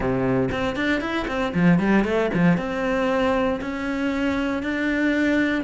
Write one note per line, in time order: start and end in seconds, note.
0.00 0.49 C3
0.51 0.76 C4
0.76 1.00 D4
1.00 1.26 E4
1.27 1.53 C4
1.54 1.79 F3
1.79 2.04 G3
2.04 2.30 A3
2.33 2.57 F3
2.57 3.59 C4
3.60 4.62 C#4
4.62 5.64 D4